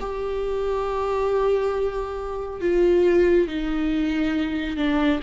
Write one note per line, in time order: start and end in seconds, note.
0.00 2.61 G4
2.61 3.47 F4
3.47 4.77 D#4
4.77 5.20 D4